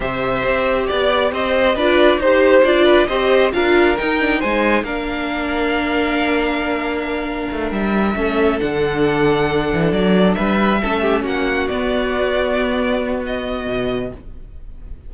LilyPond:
<<
  \new Staff \with { instrumentName = "violin" } { \time 4/4 \tempo 4 = 136 e''2 d''4 dis''4 | d''4 c''4 d''4 dis''4 | f''4 g''4 gis''4 f''4~ | f''1~ |
f''4. e''2 fis''8~ | fis''2~ fis''8 d''4 e''8~ | e''4. fis''4 d''4.~ | d''2 dis''2 | }
  \new Staff \with { instrumentName = "violin" } { \time 4/4 c''2 d''4 c''4 | b'4 c''4. b'8 c''4 | ais'2 c''4 ais'4~ | ais'1~ |
ais'2~ ais'8 a'4.~ | a'2.~ a'8 b'8~ | b'8 a'8 g'8 fis'2~ fis'8~ | fis'1 | }
  \new Staff \with { instrumentName = "viola" } { \time 4/4 g'1 | f'4 g'4 f'4 g'4 | f'4 dis'8 d'8 dis'4 d'4~ | d'1~ |
d'2~ d'8 cis'4 d'8~ | d'1~ | d'8 cis'2 b4.~ | b1 | }
  \new Staff \with { instrumentName = "cello" } { \time 4/4 c4 c'4 b4 c'4 | d'4 dis'4 d'4 c'4 | d'4 dis'4 gis4 ais4~ | ais1~ |
ais4 a8 g4 a4 d8~ | d2 e8 fis4 g8~ | g8 a4 ais4 b4.~ | b2. b,4 | }
>>